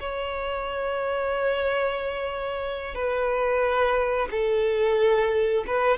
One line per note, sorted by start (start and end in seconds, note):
0.00 2.95 C#5
2.95 4.28 B4
4.31 5.65 A4
5.67 5.98 B4